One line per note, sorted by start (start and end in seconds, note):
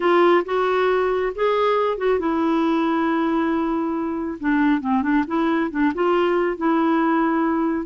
0.00 0.44 F4
0.45 1.33 F#4
1.35 1.97 G#4
1.97 2.19 F#4
2.19 4.38 E4
4.40 4.81 D4
4.81 5.02 C4
5.02 5.24 D4
5.27 5.70 E4
5.70 5.92 D4
5.94 6.57 F4
6.57 7.86 E4